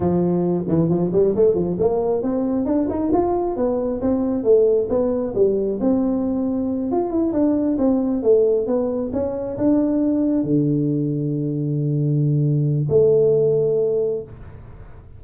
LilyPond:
\new Staff \with { instrumentName = "tuba" } { \time 4/4 \tempo 4 = 135 f4. e8 f8 g8 a8 f8 | ais4 c'4 d'8 dis'8 f'4 | b4 c'4 a4 b4 | g4 c'2~ c'8 f'8 |
e'8 d'4 c'4 a4 b8~ | b8 cis'4 d'2 d8~ | d1~ | d4 a2. | }